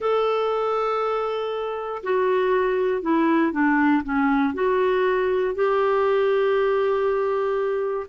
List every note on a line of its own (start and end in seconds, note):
0.00 2.02 A4
2.03 3.02 F#4
3.02 3.52 E4
3.52 4.02 D4
4.03 4.54 C#4
4.54 5.54 F#4
5.54 8.06 G4